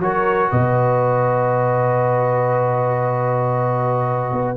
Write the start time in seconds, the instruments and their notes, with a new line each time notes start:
0.00 tuba F#3, trombone F#4, horn A#4, trumpet C#5
0.51 tuba B2, horn B4, trumpet D#5
4.32 tuba B3